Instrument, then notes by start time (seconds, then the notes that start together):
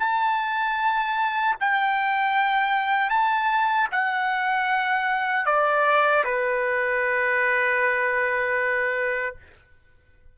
trumpet
0.00 A5
1.60 G5
3.10 A5
3.92 F#5
5.46 D5
6.24 B4